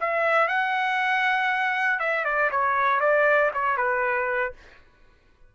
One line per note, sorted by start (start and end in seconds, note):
0.00 0.48 E5
0.48 1.99 F#5
1.99 2.24 E5
2.24 2.50 D5
2.51 3.00 C#5
3.00 3.51 D5
3.53 3.77 C#5
3.77 4.53 B4